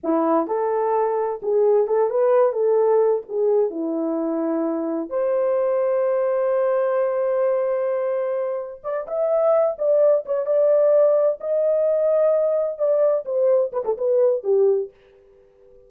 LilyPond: \new Staff \with { instrumentName = "horn" } { \time 4/4 \tempo 4 = 129 e'4 a'2 gis'4 | a'8 b'4 a'4. gis'4 | e'2. c''4~ | c''1~ |
c''2. d''8 e''8~ | e''4 d''4 cis''8 d''4.~ | d''8 dis''2. d''8~ | d''8 c''4 b'16 a'16 b'4 g'4 | }